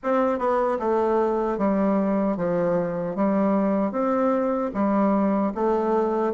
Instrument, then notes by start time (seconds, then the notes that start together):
bassoon
0.03 C4
0.38 B3
0.79 A3
1.58 G3
2.36 F3
3.15 G3
3.91 C4
4.74 G3
5.54 A3